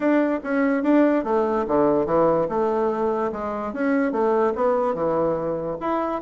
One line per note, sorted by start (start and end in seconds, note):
0.00 0.40 D4
0.43 0.83 C#4
0.83 1.24 D4
1.24 1.65 A3
1.67 2.06 D3
2.06 2.47 E3
2.48 3.31 A3
3.32 3.73 G#3
3.73 4.12 C#4
4.12 4.53 A3
4.55 4.94 B3
4.94 5.77 E3
5.80 6.21 E4